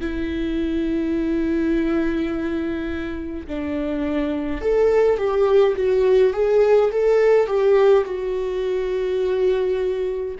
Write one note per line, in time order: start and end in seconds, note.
0.00 3.46 E4
3.47 4.61 D4
4.61 5.17 A4
5.17 5.75 G4
5.75 6.33 F#4
6.33 6.91 G#4
6.91 7.46 A4
7.46 8.04 G4
8.05 10.35 F#4